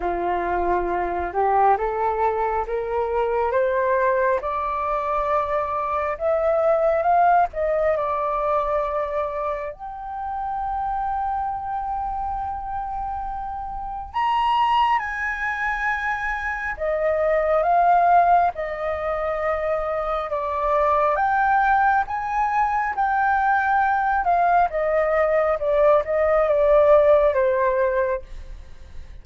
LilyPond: \new Staff \with { instrumentName = "flute" } { \time 4/4 \tempo 4 = 68 f'4. g'8 a'4 ais'4 | c''4 d''2 e''4 | f''8 dis''8 d''2 g''4~ | g''1 |
ais''4 gis''2 dis''4 | f''4 dis''2 d''4 | g''4 gis''4 g''4. f''8 | dis''4 d''8 dis''8 d''4 c''4 | }